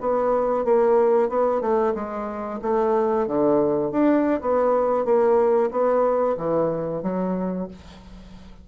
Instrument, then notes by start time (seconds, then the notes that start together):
bassoon
0.00 B3
0.64 A#3
1.29 B3
1.61 A3
1.94 G#3
2.61 A3
3.26 D3
3.91 D4
4.41 B3
5.05 A#3
5.70 B3
6.37 E3
7.02 F#3